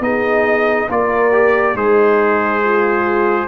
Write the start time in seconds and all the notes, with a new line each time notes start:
0.00 B3 D#4 G#4 D#5
0.88 A#3 F4 A#4 D5
1.32 G4
1.75 G#3 D#4 G#4 C5
2.64 F4